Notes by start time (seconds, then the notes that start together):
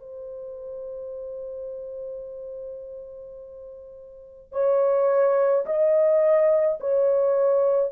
0.00 C5
4.52 C#5
5.66 D#5
6.81 C#5